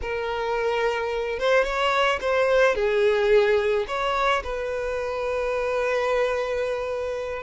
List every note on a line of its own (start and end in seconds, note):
0.01 1.39 A#4
1.39 1.64 C5
1.64 2.19 C#5
2.20 2.75 C5
2.75 3.85 G#4
3.87 4.42 C#5
4.43 7.42 B4